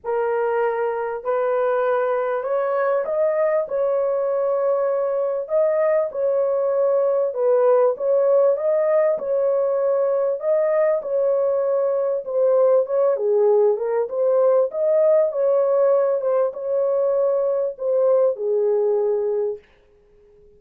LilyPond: \new Staff \with { instrumentName = "horn" } { \time 4/4 \tempo 4 = 98 ais'2 b'2 | cis''4 dis''4 cis''2~ | cis''4 dis''4 cis''2 | b'4 cis''4 dis''4 cis''4~ |
cis''4 dis''4 cis''2 | c''4 cis''8 gis'4 ais'8 c''4 | dis''4 cis''4. c''8 cis''4~ | cis''4 c''4 gis'2 | }